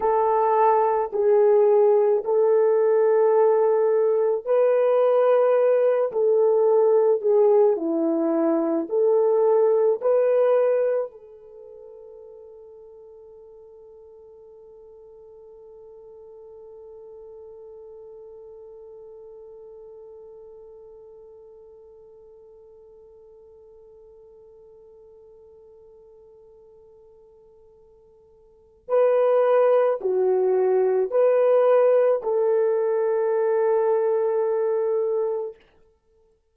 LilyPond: \new Staff \with { instrumentName = "horn" } { \time 4/4 \tempo 4 = 54 a'4 gis'4 a'2 | b'4. a'4 gis'8 e'4 | a'4 b'4 a'2~ | a'1~ |
a'1~ | a'1~ | a'2 b'4 fis'4 | b'4 a'2. | }